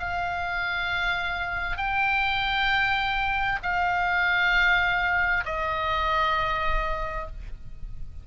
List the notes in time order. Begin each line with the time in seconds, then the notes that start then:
0.00 F5
1.78 G5
3.63 F5
5.45 D#5